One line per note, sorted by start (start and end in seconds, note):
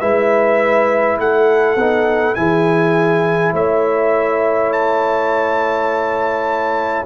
0.00 1.19 G#3
0.00 1.78 E4
0.00 1.18 B4
0.00 1.18 E5
1.19 1.76 A3
1.19 2.39 A4
1.19 2.35 F#5
1.76 2.35 B3
1.76 2.36 D#4
2.35 3.53 E3
2.35 7.07 E4
2.35 3.54 G#4
2.35 3.53 G#5
3.53 7.06 A3
3.53 7.07 C#5
3.53 4.73 E5
4.73 7.07 A5